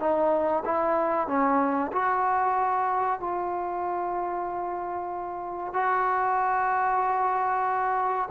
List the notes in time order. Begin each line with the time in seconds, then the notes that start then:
0.00 D#4
0.65 E4
1.28 C#4
1.92 F#4
3.20 F4
5.74 F#4